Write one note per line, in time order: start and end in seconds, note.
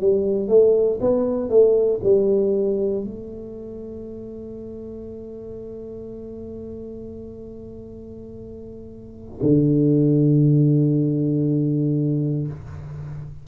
0.00 0.48 G3
0.48 0.99 A3
1.00 1.49 B3
1.49 2.00 A3
2.03 3.04 G3
3.04 9.39 A3
9.42 12.47 D3